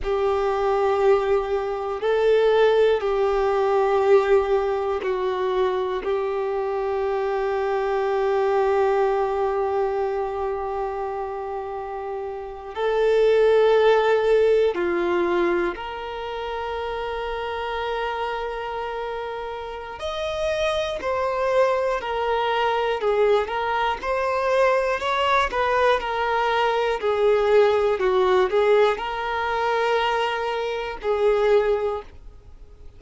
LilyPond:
\new Staff \with { instrumentName = "violin" } { \time 4/4 \tempo 4 = 60 g'2 a'4 g'4~ | g'4 fis'4 g'2~ | g'1~ | g'8. a'2 f'4 ais'16~ |
ais'1 | dis''4 c''4 ais'4 gis'8 ais'8 | c''4 cis''8 b'8 ais'4 gis'4 | fis'8 gis'8 ais'2 gis'4 | }